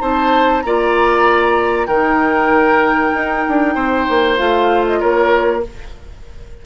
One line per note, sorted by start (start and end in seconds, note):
0.00 0.64 C4
0.00 0.62 D#4
0.00 0.63 C5
0.00 0.62 A5
0.62 1.88 A#3
0.62 1.89 F4
0.62 1.88 D5
0.62 1.87 A#5
1.87 3.13 D#3
1.87 4.37 D#4
1.87 3.75 A#4
1.87 4.37 G5
3.14 3.45 D#4
3.49 3.76 D4
3.75 4.07 C4
3.75 5.00 C5
4.09 4.39 A#3
4.37 5.02 A3
4.37 5.62 F4
4.37 4.85 F5
4.87 5.01 D#5
5.01 5.66 A#3
5.01 5.63 A#4
5.01 5.63 C#5